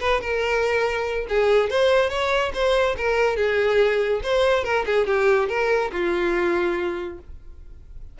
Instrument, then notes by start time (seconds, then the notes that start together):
violin
0.00 B4
0.21 A#4
1.29 G#4
1.70 C5
2.10 C#5
2.54 C5
2.97 A#4
3.36 G#4
4.23 C5
4.64 A#4
4.86 G#4
5.07 G4
5.49 A#4
5.92 F4